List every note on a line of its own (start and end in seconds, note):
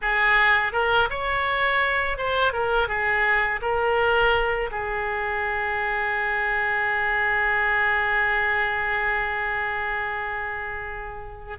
0.01 0.72 G#4
0.72 1.08 A#4
1.10 2.17 C#5
2.17 2.52 C5
2.52 2.88 A#4
2.88 3.60 G#4
3.61 4.70 A#4
4.71 11.58 G#4